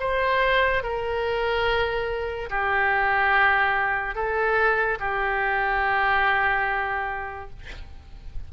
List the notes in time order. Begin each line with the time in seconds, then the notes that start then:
0.00 C5
0.83 A#4
2.50 G4
4.15 A4
5.00 G4